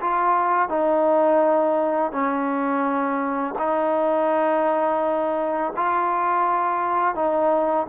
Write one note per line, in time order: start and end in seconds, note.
0.00 0.69 F4
0.69 2.11 D#4
2.11 3.54 C#4
3.58 5.73 D#4
5.76 7.15 F4
7.15 7.86 D#4